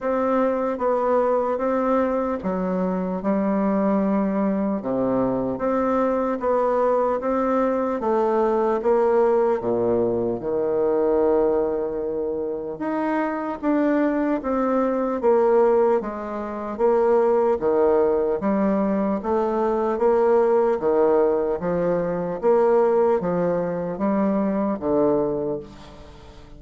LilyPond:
\new Staff \with { instrumentName = "bassoon" } { \time 4/4 \tempo 4 = 75 c'4 b4 c'4 fis4 | g2 c4 c'4 | b4 c'4 a4 ais4 | ais,4 dis2. |
dis'4 d'4 c'4 ais4 | gis4 ais4 dis4 g4 | a4 ais4 dis4 f4 | ais4 f4 g4 d4 | }